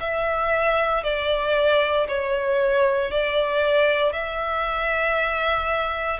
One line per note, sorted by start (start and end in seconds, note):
0.00 1.03 E5
1.03 2.07 D5
2.08 3.11 C#5
3.11 4.13 D5
4.13 6.20 E5